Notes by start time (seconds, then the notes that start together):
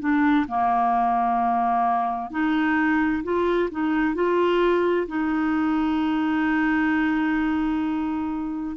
0.00 D4
0.48 A#3
2.31 D#4
3.23 F4
3.71 D#4
4.15 F4
5.07 D#4